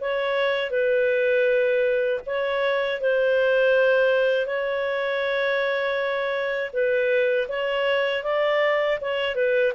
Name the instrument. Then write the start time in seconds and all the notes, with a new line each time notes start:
clarinet
0.00 C#5
0.70 B4
2.26 C#5
3.00 C5
4.46 C#5
6.72 B4
7.48 C#5
8.23 D5
9.00 C#5
9.35 B4